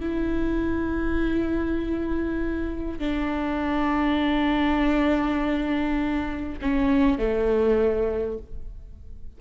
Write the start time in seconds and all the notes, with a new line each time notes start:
0.00 E4
2.99 D4
6.62 C#4
7.18 A3